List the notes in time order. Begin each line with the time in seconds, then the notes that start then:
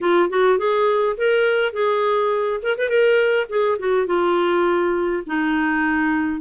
0.00 F4
0.29 F#4
0.58 G#4
1.17 A#4
1.72 G#4
2.62 A#4
2.77 B4
2.89 A#4
3.49 G#4
3.78 F#4
4.06 F4
5.26 D#4